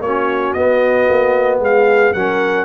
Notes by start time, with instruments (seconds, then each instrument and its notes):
0.00 tuba A#3, trombone C#4, horn F#4, trumpet C#5
0.53 tuba B3, trombone B3, trumpet D#5
1.09 tuba A#3
1.59 tuba G#3, horn G#4, trumpet F5
2.13 tuba F#3, trombone C#4, horn A#4, trumpet F#5